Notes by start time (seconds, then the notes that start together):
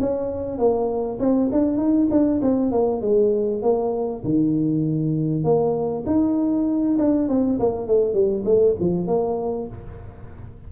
0.00 C#4
0.58 A#3
1.19 C4
1.52 D4
1.77 D#4
2.10 D4
2.42 C4
2.71 A#3
3.01 G#3
3.62 A#3
4.24 D#3
5.44 A#3
6.06 D#4
6.99 D4
7.28 C4
7.59 A#3
7.87 A3
8.13 G3
8.45 A3
8.79 F3
9.07 A#3